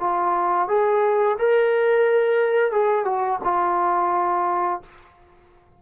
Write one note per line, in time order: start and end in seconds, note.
0.00 0.69 F4
0.69 1.38 G#4
1.39 2.72 A#4
2.72 3.05 G#4
3.05 3.40 F#4
3.44 4.82 F4